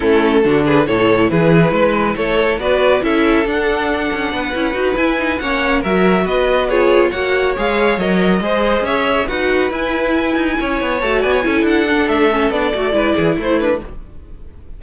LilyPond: <<
  \new Staff \with { instrumentName = "violin" } { \time 4/4 \tempo 4 = 139 a'4. b'8 cis''4 b'4~ | b'4 cis''4 d''4 e''4 | fis''2.~ fis''8 gis''8~ | gis''8 fis''4 e''4 dis''4 cis''8~ |
cis''8 fis''4 f''4 dis''4.~ | dis''8 e''4 fis''4 gis''4.~ | gis''4. a''8 gis''4 fis''4 | e''4 d''2 c''8 b'8 | }
  \new Staff \with { instrumentName = "violin" } { \time 4/4 e'4 fis'8 gis'8 a'4 gis'4 | b'4 a'4 b'4 a'4~ | a'2 b'2~ | b'8 cis''4 ais'4 b'4 gis'8~ |
gis'8 cis''2. c''8~ | c''8 cis''4 b'2~ b'8~ | b'8 cis''4. d''16 cis''16 a'4.~ | a'2 b'8 gis'8 e'4 | }
  \new Staff \with { instrumentName = "viola" } { \time 4/4 cis'4 d'4 e'2~ | e'2 fis'4 e'4 | d'2~ d'8 e'8 fis'8 e'8 | dis'8 cis'4 fis'2 f'8~ |
f'8 fis'4 gis'4 ais'4 gis'8~ | gis'4. fis'4 e'4.~ | e'4. fis'4 e'4 d'8~ | d'8 cis'8 d'8 fis'8 e'4. d'8 | }
  \new Staff \with { instrumentName = "cello" } { \time 4/4 a4 d4 a,4 e4 | gis4 a4 b4 cis'4 | d'4. cis'8 b8 cis'8 dis'8 e'8~ | e'8 ais4 fis4 b4.~ |
b8 ais4 gis4 fis4 gis8~ | gis8 cis'4 dis'4 e'4. | dis'8 cis'8 b8 a8 b8 cis'8 d'4 | a4 b8 a8 gis8 e8 a4 | }
>>